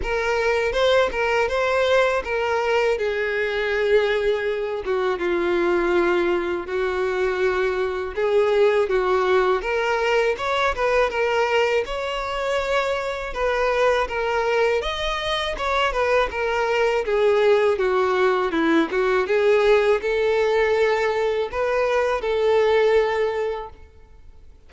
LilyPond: \new Staff \with { instrumentName = "violin" } { \time 4/4 \tempo 4 = 81 ais'4 c''8 ais'8 c''4 ais'4 | gis'2~ gis'8 fis'8 f'4~ | f'4 fis'2 gis'4 | fis'4 ais'4 cis''8 b'8 ais'4 |
cis''2 b'4 ais'4 | dis''4 cis''8 b'8 ais'4 gis'4 | fis'4 e'8 fis'8 gis'4 a'4~ | a'4 b'4 a'2 | }